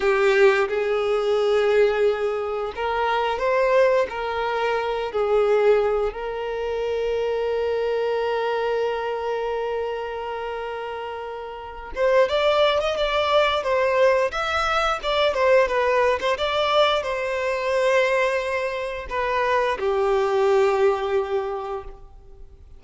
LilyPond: \new Staff \with { instrumentName = "violin" } { \time 4/4 \tempo 4 = 88 g'4 gis'2. | ais'4 c''4 ais'4. gis'8~ | gis'4 ais'2.~ | ais'1~ |
ais'4. c''8 d''8. dis''16 d''4 | c''4 e''4 d''8 c''8 b'8. c''16 | d''4 c''2. | b'4 g'2. | }